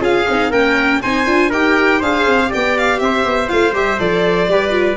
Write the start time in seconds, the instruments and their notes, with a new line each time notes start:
0.00 tuba C#4, viola F4, trumpet G#4, violin F5
0.29 tuba C4, viola D#4
0.51 tuba A#3, viola C#4, trumpet A#4, violin G5
1.02 tuba C4, viola D#4, trumpet C5, violin G#5
1.26 tuba D4, viola F4
1.50 tuba D#4, viola G4, trumpet A#4, violin G5
2.00 tuba D4, viola G#4, trumpet C5, violin F5
2.27 tuba C4
2.47 viola G4, trumpet D5
2.54 tuba B3, violin G5
2.78 violin F5
2.99 tuba C4, trumpet C5, violin E5
3.25 tuba B3
3.49 tuba A3, viola F4, violin F5
3.73 tuba G3, viola G4, violin E5
3.99 tuba F3, viola A4, violin D5
4.49 tuba G3, viola G4, trumpet B4
4.70 viola F4